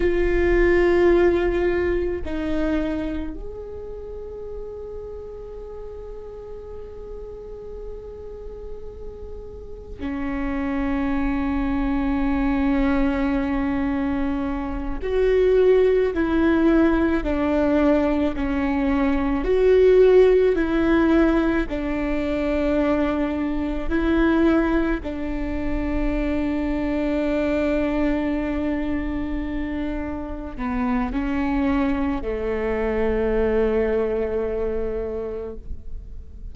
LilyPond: \new Staff \with { instrumentName = "viola" } { \time 4/4 \tempo 4 = 54 f'2 dis'4 gis'4~ | gis'1~ | gis'4 cis'2.~ | cis'4. fis'4 e'4 d'8~ |
d'8 cis'4 fis'4 e'4 d'8~ | d'4. e'4 d'4.~ | d'2.~ d'8 b8 | cis'4 a2. | }